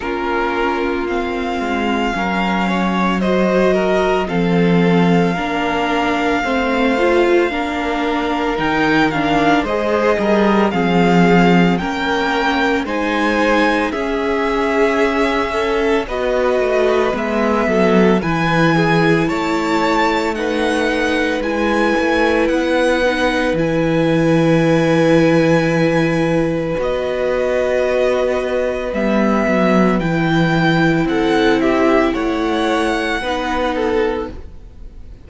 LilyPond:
<<
  \new Staff \with { instrumentName = "violin" } { \time 4/4 \tempo 4 = 56 ais'4 f''2 dis''4 | f''1 | g''8 f''8 dis''4 f''4 g''4 | gis''4 e''2 dis''4 |
e''4 gis''4 a''4 fis''4 | gis''4 fis''4 gis''2~ | gis''4 dis''2 e''4 | g''4 fis''8 e''8 fis''2 | }
  \new Staff \with { instrumentName = "violin" } { \time 4/4 f'2 ais'8 cis''8 c''8 ais'8 | a'4 ais'4 c''4 ais'4~ | ais'4 c''8 ais'8 gis'4 ais'4 | c''4 gis'4. a'8 b'4~ |
b'8 a'8 b'8 gis'8 cis''4 b'4~ | b'1~ | b'1~ | b'4 a'8 g'8 cis''4 b'8 a'8 | }
  \new Staff \with { instrumentName = "viola" } { \time 4/4 cis'4 c'4 cis'4 fis'4 | c'4 d'4 c'8 f'8 d'4 | dis'8 d'8 gis'4 c'4 cis'4 | dis'4 cis'2 fis'4 |
b4 e'2 dis'4 | e'4. dis'8 e'2~ | e'4 fis'2 b4 | e'2. dis'4 | }
  \new Staff \with { instrumentName = "cello" } { \time 4/4 ais4. gis8 fis2 | f4 ais4 a4 ais4 | dis4 gis8 g8 f4 ais4 | gis4 cis'2 b8 a8 |
gis8 fis8 e4 a2 | gis8 a8 b4 e2~ | e4 b2 g8 fis8 | e4 c'4 a4 b4 | }
>>